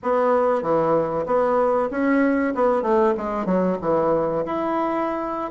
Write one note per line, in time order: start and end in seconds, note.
0.02 0.62 B3
0.62 1.25 E3
1.26 1.89 B3
1.90 2.53 C#4
2.54 2.82 B3
2.82 3.13 A3
3.17 3.45 G#3
3.45 3.77 F#3
3.81 4.44 E3
4.45 5.51 E4